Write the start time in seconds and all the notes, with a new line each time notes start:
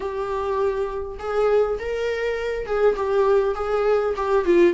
0.00 G4
1.19 G#4
1.79 A#4
2.65 G#4
2.96 G4
3.55 G#4
4.16 G4
4.45 F4